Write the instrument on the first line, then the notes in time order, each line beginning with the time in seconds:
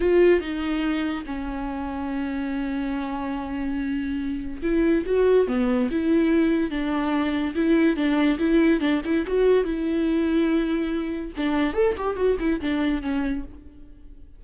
viola
0.00 F4
0.40 D#4
1.25 C#4
4.62 E4
5.05 F#4
5.47 B3
5.90 E4
6.70 D4
7.55 E4
7.96 D4
8.39 E4
8.80 D4
9.04 E4
9.26 F#4
9.64 E4
11.36 D4
11.73 A4
11.97 G4
12.16 F#4
12.39 E4
12.60 D4
13.02 C#4